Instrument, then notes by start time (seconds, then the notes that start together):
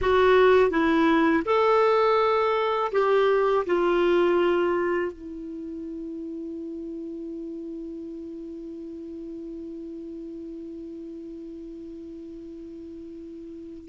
clarinet
0.01 F#4
0.70 E4
1.45 A4
2.91 G4
3.66 F4
5.12 E4